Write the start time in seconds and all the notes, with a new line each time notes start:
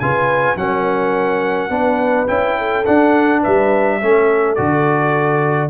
0.00 C#3 F4 B4 G#5
0.56 F#3 C#4 A#4 F#5
1.69 B3 D4 B4
2.27 C#4 E4 G5
2.58 A4
2.85 D4 F#5
3.40 B4 E5
3.47 G3
4.01 A3 C#4 A4
4.55 D3 F#4 D5